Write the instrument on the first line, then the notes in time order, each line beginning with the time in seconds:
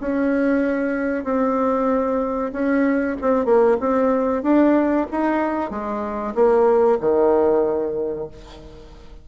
bassoon
0.00 C#4
1.24 C4
2.52 C#4
3.21 C4
3.45 A#3
3.80 C4
4.42 D4
5.11 D#4
5.70 G#3
6.34 A#3
7.00 D#3